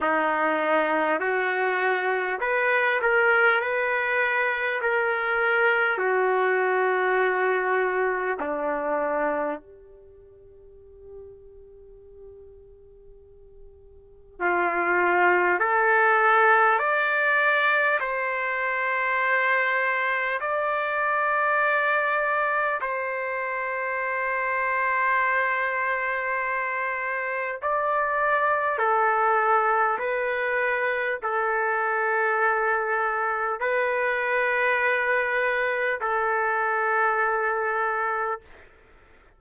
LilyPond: \new Staff \with { instrumentName = "trumpet" } { \time 4/4 \tempo 4 = 50 dis'4 fis'4 b'8 ais'8 b'4 | ais'4 fis'2 d'4 | g'1 | f'4 a'4 d''4 c''4~ |
c''4 d''2 c''4~ | c''2. d''4 | a'4 b'4 a'2 | b'2 a'2 | }